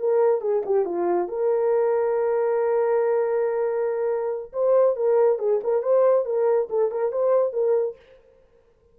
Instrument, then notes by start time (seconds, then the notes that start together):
horn
0.00 A#4
0.42 G#4
0.66 G4
0.86 F4
1.29 A#4
4.53 C5
4.96 A#4
5.39 G#4
5.64 A#4
5.83 C5
6.26 A#4
6.70 A4
6.92 A#4
7.12 C5
7.53 A#4